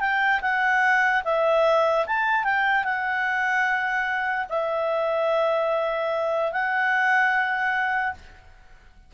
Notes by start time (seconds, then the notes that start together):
0.00 G5
0.42 F#5
1.25 E5
2.06 A5
2.44 G5
2.84 F#5
4.49 E5
6.52 F#5